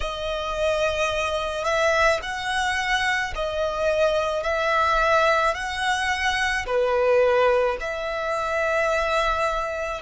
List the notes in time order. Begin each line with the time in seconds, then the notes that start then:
0.00 D#5
1.64 E5
2.22 F#5
3.35 D#5
4.43 E5
5.54 F#5
6.66 B4
7.80 E5